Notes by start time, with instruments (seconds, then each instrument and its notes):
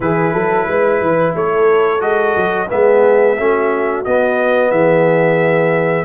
0.00 tuba E3, trombone E4, horn G#4, trumpet B4
0.33 tuba F#3, horn A4
0.67 tuba G#3, horn B4
1.01 tuba E3
1.35 tuba A3, horn A4, trumpet C#5
1.99 tuba G#3, trombone F#4, trumpet D#5
2.36 tuba F#3
2.69 tuba G#3, trombone B3, horn G#4, trumpet E5
3.37 tuba A3, trombone C#4, horn F#4
4.04 trombone B3, tuba B3, trumpet D#5
4.71 tuba E3, horn G#4, trumpet E5